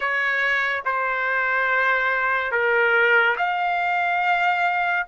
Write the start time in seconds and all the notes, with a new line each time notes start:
0.00 C#5
0.85 C5
2.51 A#4
3.37 F5